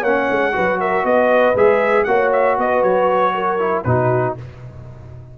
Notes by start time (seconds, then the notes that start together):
0.00 A#3 C#4 C#5 F#5
0.31 G#3
0.53 F#3 F#4 B4
0.80 A#4 E5
1.04 B3 B4 D#5
1.55 G#3 G#4 E5
2.04 A#3 F#4 C#5 F#5
2.33 E5
2.58 B3 B4 D#5
2.83 F#3 C#5
3.35 A#4
3.59 E4
3.84 B2 D#4 F#4 B4